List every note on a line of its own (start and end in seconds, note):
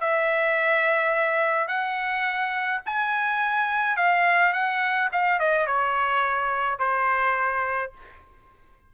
0.00 1.68 E5
1.68 2.81 F#5
2.85 3.96 G#5
3.96 4.53 F5
4.53 5.09 F#5
5.12 5.39 F5
5.39 5.67 D#5
5.67 6.79 C#5
6.79 7.92 C5